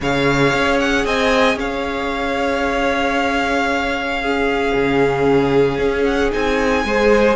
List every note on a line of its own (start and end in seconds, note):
0.00 0.53 C#3
0.00 4.23 G#4
0.00 1.05 C#5
0.00 0.79 F5
0.54 1.05 C#4
0.79 1.06 F#5
1.05 1.55 C4
1.05 1.58 D#5
1.05 1.58 G#5
1.55 4.71 C#4
1.55 4.21 C#5
1.55 6.04 F5
4.21 6.31 C#4
4.21 6.84 G#4
4.73 5.78 C#3
5.78 6.31 C#4
6.04 6.30 F#5
6.31 6.84 C4
6.31 6.84 D#4
6.31 7.36 G#5
6.84 7.36 G#3
6.84 7.36 G#4
6.84 7.36 C5